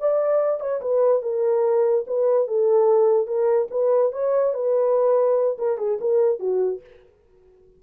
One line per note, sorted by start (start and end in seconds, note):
0.00 0.60 D5
0.60 0.81 C#5
0.82 1.22 B4
1.22 2.05 A#4
2.07 2.48 B4
2.48 3.27 A4
3.27 3.69 A#4
3.71 4.12 B4
4.13 4.54 C#5
4.54 5.58 B4
5.58 5.78 A#4
5.78 5.99 G#4
6.01 6.39 A#4
6.39 6.81 F#4